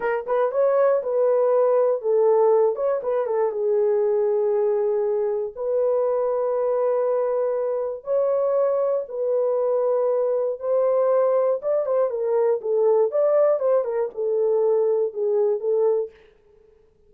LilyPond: \new Staff \with { instrumentName = "horn" } { \time 4/4 \tempo 4 = 119 ais'8 b'8 cis''4 b'2 | a'4. cis''8 b'8 a'8 gis'4~ | gis'2. b'4~ | b'1 |
cis''2 b'2~ | b'4 c''2 d''8 c''8 | ais'4 a'4 d''4 c''8 ais'8 | a'2 gis'4 a'4 | }